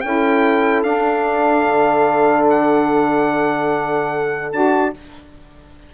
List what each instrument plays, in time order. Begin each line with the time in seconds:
0.00 bassoon C#4, saxophone E4, horn A4, trumpet G5
0.83 bassoon D4, saxophone D4, trumpet F5
1.67 bassoon D3
2.49 trumpet F#5
4.52 bassoon D4, saxophone F#4, trumpet A5